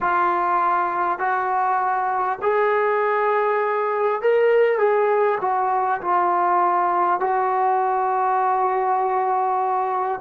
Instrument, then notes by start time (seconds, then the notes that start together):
trombone
0.00 F4
1.18 F#4
2.42 G#4
4.21 A#4
4.78 G#4
5.41 F#4
6.01 F4
7.20 F#4